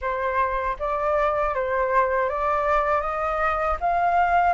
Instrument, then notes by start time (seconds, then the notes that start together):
flute
0.01 C5
0.79 D5
1.54 C5
2.29 D5
3.01 D#5
3.80 F5